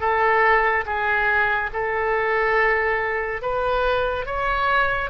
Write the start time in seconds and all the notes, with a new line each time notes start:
0.00 A4
0.85 G#4
1.73 A4
3.41 B4
4.26 C#5